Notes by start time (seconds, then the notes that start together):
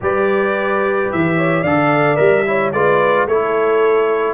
0.01 G3 G4 B4 D5
1.11 E3 E5
1.36 C#5
1.62 D3 A4 D5 F5
2.16 G3 A#4 E5
2.46 E4 C#5
2.72 G#3 F4 B4 D5
3.26 A3 E4 A4 C#5